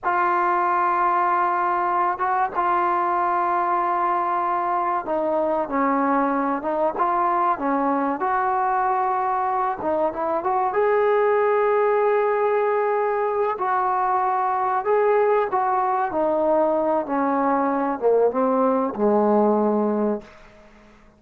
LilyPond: \new Staff \with { instrumentName = "trombone" } { \time 4/4 \tempo 4 = 95 f'2.~ f'8 fis'8 | f'1 | dis'4 cis'4. dis'8 f'4 | cis'4 fis'2~ fis'8 dis'8 |
e'8 fis'8 gis'2.~ | gis'4. fis'2 gis'8~ | gis'8 fis'4 dis'4. cis'4~ | cis'8 ais8 c'4 gis2 | }